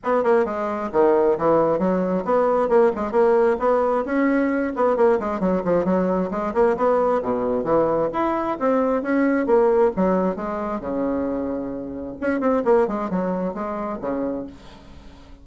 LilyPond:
\new Staff \with { instrumentName = "bassoon" } { \time 4/4 \tempo 4 = 133 b8 ais8 gis4 dis4 e4 | fis4 b4 ais8 gis8 ais4 | b4 cis'4. b8 ais8 gis8 | fis8 f8 fis4 gis8 ais8 b4 |
b,4 e4 e'4 c'4 | cis'4 ais4 fis4 gis4 | cis2. cis'8 c'8 | ais8 gis8 fis4 gis4 cis4 | }